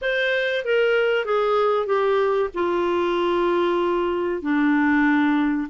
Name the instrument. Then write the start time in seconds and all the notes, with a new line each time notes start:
clarinet
0.01 C5
0.64 A#4
1.25 G#4
1.86 G4
2.53 F4
4.42 D4